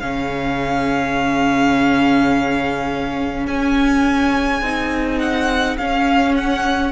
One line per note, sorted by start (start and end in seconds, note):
0.00 3.47 C#3
0.00 4.62 C#4
0.00 6.92 G#4
0.00 3.46 F5
3.47 4.61 C#4
3.47 5.19 G#5
4.61 5.76 C4
4.61 5.78 D#4
5.19 5.76 F#5
5.77 6.92 C#4
5.77 6.35 F5
6.35 6.92 F#5